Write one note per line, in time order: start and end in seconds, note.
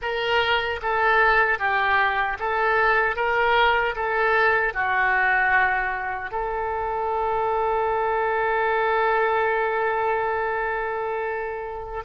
0.01 0.80 A#4
0.82 1.58 A4
1.58 2.37 G4
2.39 3.16 A4
3.16 3.95 A#4
3.95 4.73 A4
4.73 6.31 F#4
6.31 12.03 A4